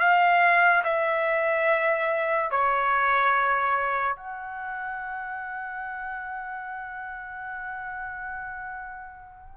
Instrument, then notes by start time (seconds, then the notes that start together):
trumpet
0.00 F5
0.84 E5
2.51 C#5
4.16 F#5